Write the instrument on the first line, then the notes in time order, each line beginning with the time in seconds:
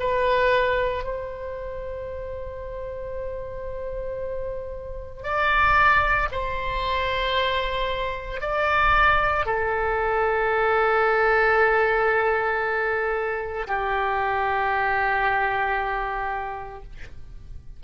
oboe
0.00 B4
1.04 C5
5.23 D5
6.32 C5
8.41 D5
9.46 A4
13.67 G4